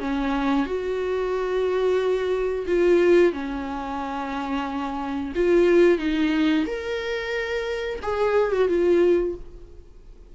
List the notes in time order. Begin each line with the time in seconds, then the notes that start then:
0.00 C#4
0.66 F#4
2.67 F4
3.33 C#4
5.36 F4
5.99 D#4
6.67 A#4
8.03 G#4
8.52 F#4
8.69 F4